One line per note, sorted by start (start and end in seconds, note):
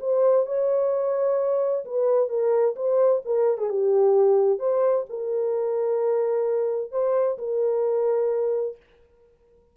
0.00 0.46 C5
0.46 1.84 C#5
1.85 2.29 B4
2.29 2.75 A#4
2.76 3.22 C5
3.25 3.58 A#4
3.58 3.69 G#4
3.69 4.59 G4
4.59 5.05 C5
5.09 6.91 A#4
6.91 7.38 C5
7.38 8.77 A#4